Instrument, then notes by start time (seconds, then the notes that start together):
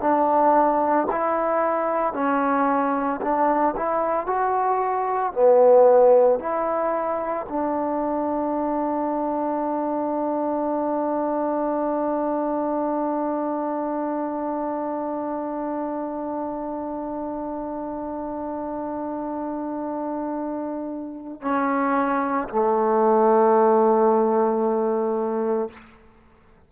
trombone
0.00 D4
1.12 E4
2.13 C#4
3.21 D4
3.76 E4
4.26 F#4
5.33 B3
6.39 E4
7.49 D4
21.41 C#4
22.49 A3